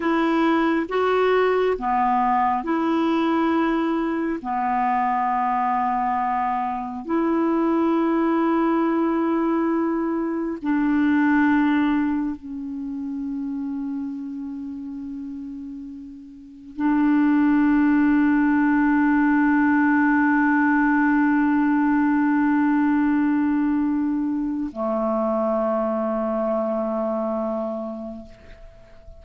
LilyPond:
\new Staff \with { instrumentName = "clarinet" } { \time 4/4 \tempo 4 = 68 e'4 fis'4 b4 e'4~ | e'4 b2. | e'1 | d'2 cis'2~ |
cis'2. d'4~ | d'1~ | d'1 | a1 | }